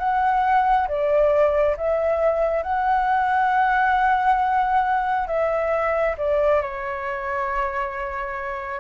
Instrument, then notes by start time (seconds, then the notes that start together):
flute
0.00 F#5
0.88 D5
1.77 E5
2.63 F#5
5.28 E5
6.18 D5
6.62 C#5